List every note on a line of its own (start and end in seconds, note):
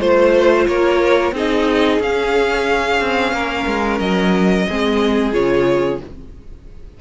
0.00 0.67 A3
0.00 1.33 F4
0.00 0.66 C5
0.00 0.67 C5
0.66 1.32 A#3
0.66 1.34 A#4
0.66 1.33 C#5
1.32 1.98 C4
1.32 2.01 D#4
1.32 3.34 G#4
1.32 2.02 D#5
1.99 2.99 C#4
1.99 4.68 C#4
1.99 3.99 F5
3.00 3.32 C4
3.32 3.65 A#3
3.32 4.67 A#4
3.66 3.99 G#3
3.99 4.66 F#3
3.99 5.32 D#5
4.67 5.33 G#3
4.67 5.32 C4
4.67 6.01 G#4
5.32 6.00 C#3
5.32 5.99 F4
5.32 6.00 C#5